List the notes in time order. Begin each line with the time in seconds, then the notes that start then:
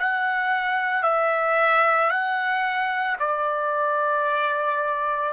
0.00 F#5
1.03 E5
2.10 F#5
3.19 D5